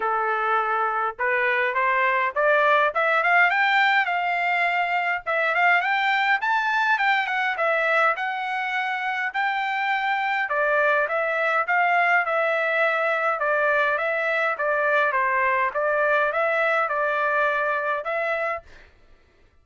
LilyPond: \new Staff \with { instrumentName = "trumpet" } { \time 4/4 \tempo 4 = 103 a'2 b'4 c''4 | d''4 e''8 f''8 g''4 f''4~ | f''4 e''8 f''8 g''4 a''4 | g''8 fis''8 e''4 fis''2 |
g''2 d''4 e''4 | f''4 e''2 d''4 | e''4 d''4 c''4 d''4 | e''4 d''2 e''4 | }